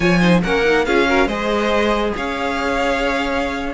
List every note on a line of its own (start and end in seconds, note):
0.00 0.42 F3
0.00 0.18 F4
0.00 0.19 C#5
0.00 0.40 G#5
0.19 0.43 D#4
0.19 0.41 C5
0.42 0.87 A#3
0.42 0.64 C#4
0.42 0.85 A#4
0.42 0.85 F#5
0.64 0.86 D#4
0.85 1.26 C#4
0.85 1.06 F4
0.85 1.07 G#4
0.85 1.28 F5
1.06 1.27 F#4
1.06 1.27 A#4
1.26 2.12 G#3
1.26 3.74 G#4
1.26 2.12 C5
1.26 2.13 D#5
2.16 3.74 C#4
2.16 3.74 C#5
2.16 3.74 F5